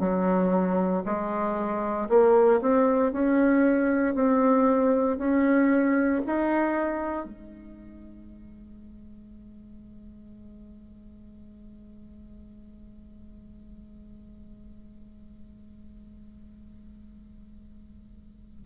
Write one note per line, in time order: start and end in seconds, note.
0.00 1.03 F#3
1.06 2.09 G#3
2.09 2.61 A#3
2.61 3.13 C4
3.13 4.15 C#4
4.15 5.18 C4
5.18 6.22 C#4
6.26 7.26 D#4
7.26 18.64 G#3